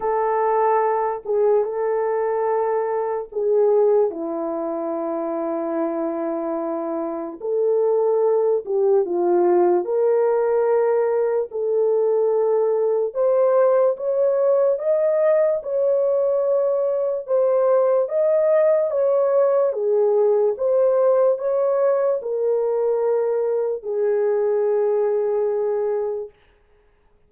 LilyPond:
\new Staff \with { instrumentName = "horn" } { \time 4/4 \tempo 4 = 73 a'4. gis'8 a'2 | gis'4 e'2.~ | e'4 a'4. g'8 f'4 | ais'2 a'2 |
c''4 cis''4 dis''4 cis''4~ | cis''4 c''4 dis''4 cis''4 | gis'4 c''4 cis''4 ais'4~ | ais'4 gis'2. | }